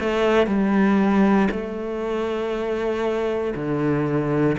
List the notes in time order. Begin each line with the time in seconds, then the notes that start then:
0.00 A3
0.47 G3
1.51 A3
3.55 D3